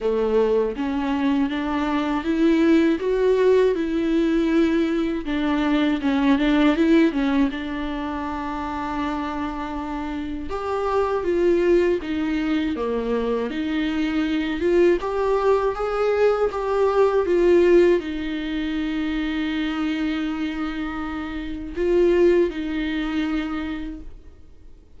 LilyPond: \new Staff \with { instrumentName = "viola" } { \time 4/4 \tempo 4 = 80 a4 cis'4 d'4 e'4 | fis'4 e'2 d'4 | cis'8 d'8 e'8 cis'8 d'2~ | d'2 g'4 f'4 |
dis'4 ais4 dis'4. f'8 | g'4 gis'4 g'4 f'4 | dis'1~ | dis'4 f'4 dis'2 | }